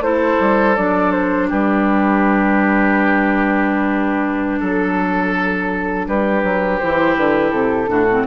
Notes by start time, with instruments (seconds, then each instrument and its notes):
0.00 bassoon A3, clarinet E4, oboe A4, flute C5
0.40 bassoon G3
0.76 bassoon F#3, clarinet D4, flute D5
1.12 flute C5
1.49 bassoon G3, oboe G4, flute B4
4.59 bassoon F#3, oboe A4, flute A4
6.07 bassoon G3, oboe G4, flute B4
6.43 bassoon F#3
6.79 bassoon E3, clarinet E4, flute C5
7.16 bassoon D3, flute B4
7.50 bassoon C3, flute A4
7.87 bassoon A2, clarinet D4, oboe F#4
8.09 clarinet C4